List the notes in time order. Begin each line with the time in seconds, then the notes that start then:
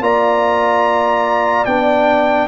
0.00 A#3 F4 D5 A#5
1.65 B3 D4 G5